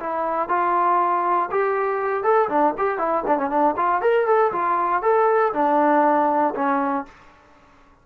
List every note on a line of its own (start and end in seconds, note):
0.00 0.49 E4
0.49 1.50 F4
1.51 2.24 G4
2.24 2.49 A4
2.50 2.75 D4
2.78 2.98 G4
2.98 3.24 E4
3.27 3.38 D4
3.38 3.50 C#4
3.50 3.75 D4
3.77 4.02 F4
4.02 4.27 A#4
4.27 4.52 A4
4.53 5.03 F4
5.03 5.53 A4
5.53 6.54 D4
6.55 7.06 C#4